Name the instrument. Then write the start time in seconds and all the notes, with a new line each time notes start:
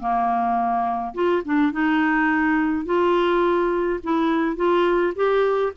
clarinet
0.00 A#3
1.15 F4
1.46 D4
1.73 D#4
2.86 F4
4.04 E4
4.57 F4
5.16 G4